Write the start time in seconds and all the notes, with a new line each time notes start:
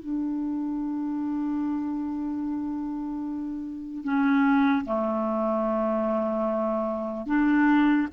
0.00 D4
4.04 C#4
4.85 A3
7.27 D4